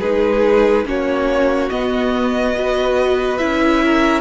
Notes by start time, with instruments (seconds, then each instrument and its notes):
0.00 cello G#3, viola D#4, violin G#4 B4
0.85 cello A#3, viola C#4, violin F#4 C#5
1.70 viola B3, cello B3, violin D#5
2.55 viola F#4, violin B4
3.37 cello C#4, viola E4, violin E5
3.84 violin A#4